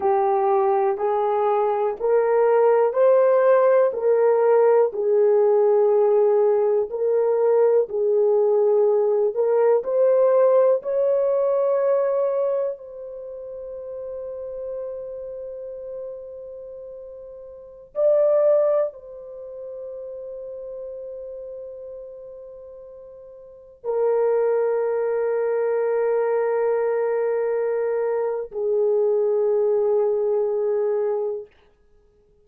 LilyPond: \new Staff \with { instrumentName = "horn" } { \time 4/4 \tempo 4 = 61 g'4 gis'4 ais'4 c''4 | ais'4 gis'2 ais'4 | gis'4. ais'8 c''4 cis''4~ | cis''4 c''2.~ |
c''2~ c''16 d''4 c''8.~ | c''1~ | c''16 ais'2.~ ais'8.~ | ais'4 gis'2. | }